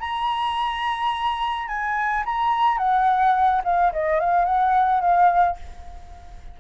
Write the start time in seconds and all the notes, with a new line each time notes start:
0.00 A#5
1.67 G#5
2.25 A#5
2.78 F#5
3.64 F5
3.93 D#5
4.20 F5
4.45 F#5
5.00 F5